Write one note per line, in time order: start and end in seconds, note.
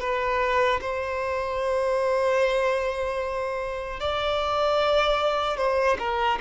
0.00 0.80 B4
0.81 4.00 C5
4.00 5.57 D5
5.57 5.97 C5
5.99 6.39 A#4